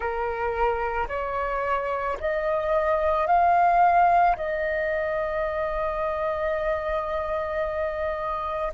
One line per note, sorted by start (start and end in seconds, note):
0.00 1.07 A#4
1.08 2.17 C#5
2.20 3.26 D#5
3.26 4.35 F5
4.36 8.73 D#5